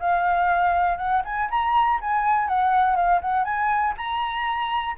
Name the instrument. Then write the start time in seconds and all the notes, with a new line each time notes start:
flute
0.00 F5
0.98 F#5
1.25 G#5
1.51 A#5
2.01 G#5
2.48 F#5
2.96 F5
3.21 F#5
3.45 G#5
3.97 A#5